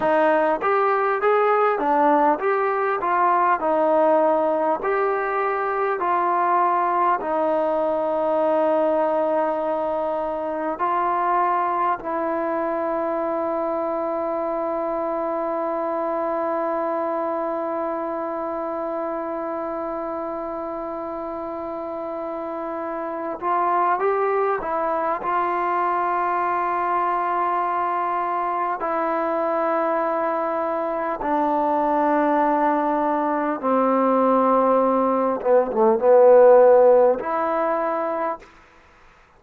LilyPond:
\new Staff \with { instrumentName = "trombone" } { \time 4/4 \tempo 4 = 50 dis'8 g'8 gis'8 d'8 g'8 f'8 dis'4 | g'4 f'4 dis'2~ | dis'4 f'4 e'2~ | e'1~ |
e'2.~ e'8 f'8 | g'8 e'8 f'2. | e'2 d'2 | c'4. b16 a16 b4 e'4 | }